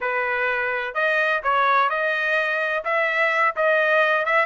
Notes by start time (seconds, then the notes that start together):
0.00 B4
0.94 D#5
1.43 C#5
1.89 D#5
2.84 E5
3.55 D#5
4.25 E5